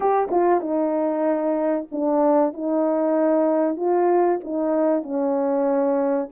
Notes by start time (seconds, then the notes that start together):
0.00 G4
0.30 F4
0.60 D#4
1.91 D4
2.53 D#4
3.76 F4
4.44 D#4
5.02 C#4